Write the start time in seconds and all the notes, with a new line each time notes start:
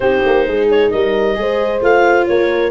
0.00 C4 D#4 G4 C5
0.25 A#3
0.46 G#3 G#4
0.71 C#5
0.90 G3 A#4 D#5
1.34 G#3 G#4 C5
1.81 A3 F4 F5
2.26 A#3 A#4 C#5